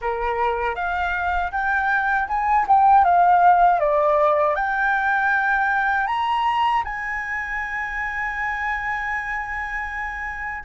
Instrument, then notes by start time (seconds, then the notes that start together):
flute
0.01 A#4
0.75 F5
1.51 G5
2.28 G#5
2.67 G5
3.04 F5
3.79 D5
4.55 G5
6.06 A#5
6.84 G#5